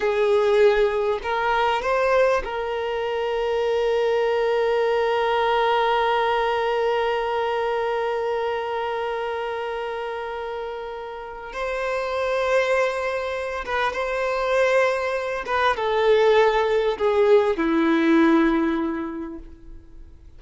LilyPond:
\new Staff \with { instrumentName = "violin" } { \time 4/4 \tempo 4 = 99 gis'2 ais'4 c''4 | ais'1~ | ais'1~ | ais'1~ |
ais'2. c''4~ | c''2~ c''8 b'8 c''4~ | c''4. b'8 a'2 | gis'4 e'2. | }